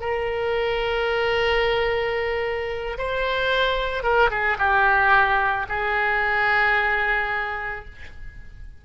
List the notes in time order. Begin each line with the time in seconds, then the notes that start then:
0.00 A#4
2.98 C5
4.03 A#4
4.30 G#4
4.58 G4
5.69 G#4